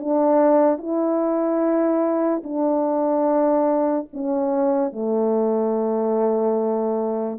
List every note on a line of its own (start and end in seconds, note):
0.00 0.78 D4
0.78 2.42 E4
2.43 4.08 D4
4.13 4.92 C#4
4.92 7.39 A3